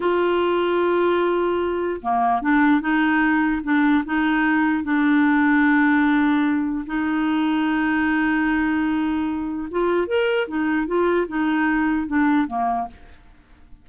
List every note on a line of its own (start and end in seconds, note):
0.00 2.00 F4
2.01 2.41 A#3
2.41 2.81 D4
2.81 3.61 D#4
3.63 4.03 D4
4.05 4.83 D#4
4.83 6.85 D4
6.86 9.68 D#4
9.70 10.07 F4
10.07 10.47 A#4
10.47 10.86 D#4
10.86 11.27 F4
11.27 12.07 D#4
12.07 12.47 D4
12.47 12.87 A#3